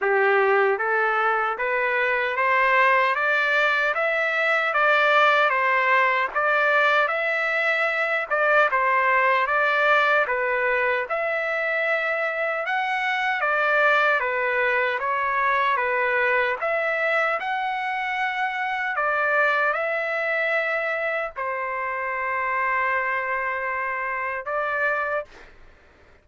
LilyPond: \new Staff \with { instrumentName = "trumpet" } { \time 4/4 \tempo 4 = 76 g'4 a'4 b'4 c''4 | d''4 e''4 d''4 c''4 | d''4 e''4. d''8 c''4 | d''4 b'4 e''2 |
fis''4 d''4 b'4 cis''4 | b'4 e''4 fis''2 | d''4 e''2 c''4~ | c''2. d''4 | }